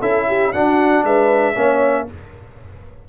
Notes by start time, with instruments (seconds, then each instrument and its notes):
0.00 tuba C#4, trombone E4, horn A4, trumpet E5
0.27 horn G4
0.53 tuba D4, trombone D4, horn F#4, trumpet F#5
1.04 tuba G#3, horn B4, trumpet E5
1.55 tuba A#3, trombone C#4, horn C#5